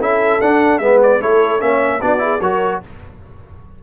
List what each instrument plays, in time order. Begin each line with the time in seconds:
0.00 tuba C#4, trombone E4, horn A4, trumpet E5
0.41 tuba D4, trombone D4, trumpet F#5
0.79 tuba G#3, trombone B3, horn B4, trumpet E5
1.03 trumpet D5
1.21 tuba A3, trombone E4, horn A4, trumpet C#5
1.60 tuba A#3, trombone C#4, horn C#5, trumpet E5
2.01 tuba B3, trombone D4, horn F#4, trumpet D5
2.19 trombone E4, horn G#4
2.40 tuba F#3, trombone F#4, horn A#4, trumpet C#5